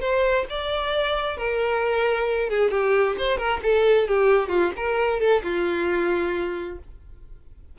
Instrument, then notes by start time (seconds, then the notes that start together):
violin
0.00 C5
0.49 D5
1.37 A#4
2.49 G#4
2.70 G4
3.18 C5
3.37 A#4
3.63 A4
4.07 G4
4.49 F4
4.76 A#4
5.20 A4
5.43 F4